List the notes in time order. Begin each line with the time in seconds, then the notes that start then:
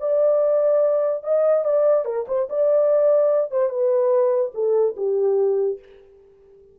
0.00 D5
1.23 D#5
1.65 D5
2.05 A#4
2.28 C5
2.49 D5
3.51 C5
3.69 B4
4.54 A4
4.97 G4